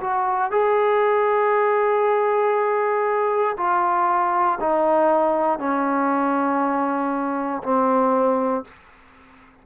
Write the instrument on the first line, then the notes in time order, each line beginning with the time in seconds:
trombone
0.00 F#4
0.51 G#4
3.57 F4
4.60 D#4
5.59 C#4
7.63 C4